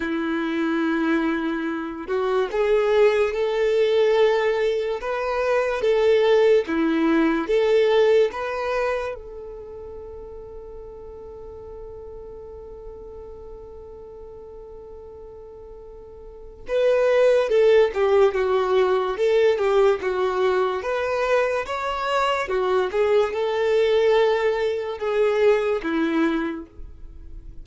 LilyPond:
\new Staff \with { instrumentName = "violin" } { \time 4/4 \tempo 4 = 72 e'2~ e'8 fis'8 gis'4 | a'2 b'4 a'4 | e'4 a'4 b'4 a'4~ | a'1~ |
a'1 | b'4 a'8 g'8 fis'4 a'8 g'8 | fis'4 b'4 cis''4 fis'8 gis'8 | a'2 gis'4 e'4 | }